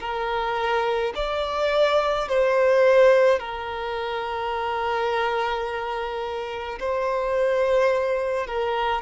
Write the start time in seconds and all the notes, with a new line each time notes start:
0.00 A#4
1.15 D5
2.28 C5
3.39 A#4
6.79 C5
8.46 A#4